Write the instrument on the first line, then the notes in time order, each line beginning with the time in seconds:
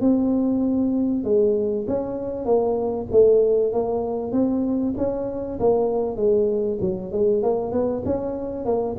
tuba
0.00 C4
1.24 G#3
1.88 C#4
2.45 A#3
3.11 A3
3.73 A#3
4.32 C4
4.97 C#4
5.60 A#3
6.16 G#3
6.81 F#3
7.12 G#3
7.43 A#3
7.72 B3
8.05 C#4
8.65 A#3